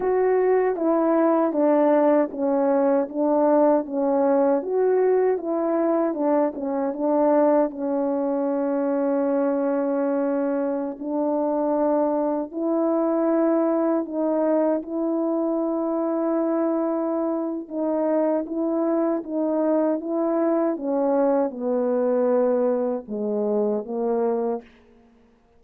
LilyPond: \new Staff \with { instrumentName = "horn" } { \time 4/4 \tempo 4 = 78 fis'4 e'4 d'4 cis'4 | d'4 cis'4 fis'4 e'4 | d'8 cis'8 d'4 cis'2~ | cis'2~ cis'16 d'4.~ d'16~ |
d'16 e'2 dis'4 e'8.~ | e'2. dis'4 | e'4 dis'4 e'4 cis'4 | b2 gis4 ais4 | }